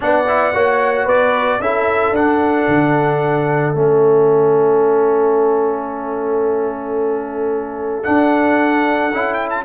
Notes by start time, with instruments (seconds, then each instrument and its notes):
0.00 tuba B3, trombone D4, horn D5, trumpet F#5
0.27 trombone E4
0.54 tuba A#3, trombone F#4, horn C#5
1.04 tuba B3, horn B4, trumpet D5
1.59 tuba C#4, trombone E4, horn A4, trumpet E5
2.11 tuba D4, trombone D4, trumpet F#5
2.67 tuba D3
3.74 tuba A3, trombone C#4, trumpet E5
8.03 trombone D4, tuba D4, trumpet F#5
9.12 tuba C#4, trombone E4
9.34 trumpet G5
9.50 trumpet A5